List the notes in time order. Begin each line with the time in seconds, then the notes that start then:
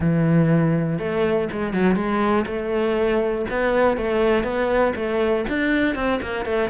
0.00 E3
0.98 A3
1.52 G#3
1.73 F#3
1.95 G#3
2.46 A3
3.50 B3
3.97 A3
4.43 B3
4.95 A3
5.48 D4
5.95 C4
6.22 A#3
6.45 A3